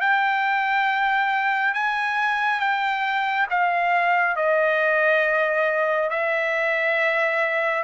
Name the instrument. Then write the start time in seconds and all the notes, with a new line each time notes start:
trumpet
0.00 G5
1.74 G#5
2.59 G5
3.50 F5
4.36 D#5
6.09 E5